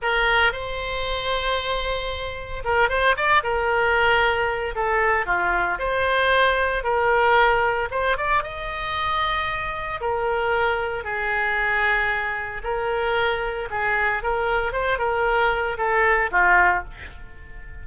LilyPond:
\new Staff \with { instrumentName = "oboe" } { \time 4/4 \tempo 4 = 114 ais'4 c''2.~ | c''4 ais'8 c''8 d''8 ais'4.~ | ais'4 a'4 f'4 c''4~ | c''4 ais'2 c''8 d''8 |
dis''2. ais'4~ | ais'4 gis'2. | ais'2 gis'4 ais'4 | c''8 ais'4. a'4 f'4 | }